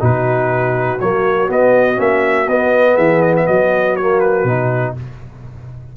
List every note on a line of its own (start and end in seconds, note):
0.00 1.01 B2
0.00 0.99 D#4
0.00 2.95 F#4
0.00 1.00 B4
1.00 1.50 F#3
1.00 1.48 A#3
1.00 1.50 C#5
1.48 1.96 B3
1.48 1.99 B3
1.48 2.01 D#5
1.96 2.49 A#3
1.96 2.46 C#4
1.96 2.50 E5
2.49 2.98 B3
2.49 4.01 B3
2.49 2.98 D#5
2.95 3.47 E3
2.95 3.44 G#4
2.95 3.22 E5
3.23 3.35 D#5
3.37 3.47 E5
3.47 4.44 F#3
3.47 4.96 F#4
3.47 3.97 D#5
3.97 4.47 A#3
3.97 4.20 C#5
4.20 4.95 B4
4.44 4.94 B2
4.44 4.97 D#4